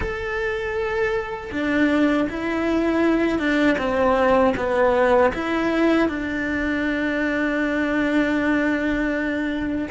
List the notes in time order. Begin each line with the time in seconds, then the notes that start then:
0.00 A4
1.52 D4
2.29 E4
3.38 D4
3.78 C4
4.56 B3
5.34 E4
6.08 D4